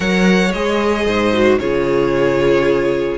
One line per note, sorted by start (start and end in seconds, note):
0.00 0.53 F#3
0.00 0.50 A#4
0.00 1.06 C#5
0.00 0.51 F#5
0.51 1.06 G#3
0.51 1.33 G#4
0.51 1.58 D#5
1.06 1.59 G#2
1.06 1.59 C5
1.33 1.59 F#4
1.58 3.18 C#3
1.58 3.18 F4
1.58 3.18 G#4
1.58 3.18 C#5